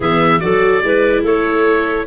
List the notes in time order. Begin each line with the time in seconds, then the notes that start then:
0.00 E3 B3 G#4 E5
0.39 F#3 F#4 A4 D5
0.82 G#3 E4 B4
1.22 A3 A4 C#5